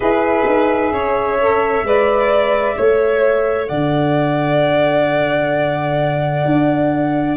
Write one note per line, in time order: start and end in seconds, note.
0.00 0.45 E4
0.00 1.38 G#4
0.00 0.92 B4
0.00 3.66 E5
0.45 0.91 D#4
0.91 1.83 C#4
0.91 1.85 C#5
1.40 1.85 A4
1.83 2.75 G#3
1.83 2.75 B4
1.83 2.77 D5
2.75 3.69 A3
2.75 7.37 A4
2.75 3.68 C#5
3.67 6.45 D3
3.67 7.37 D5
3.67 7.36 F#5
6.45 7.37 D4